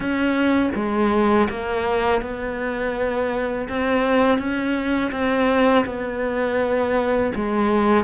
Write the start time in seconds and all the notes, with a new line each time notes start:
0.00 C#4
0.75 G#3
1.50 A#3
2.22 B3
3.69 C4
4.38 C#4
5.11 C4
5.85 B3
7.35 G#3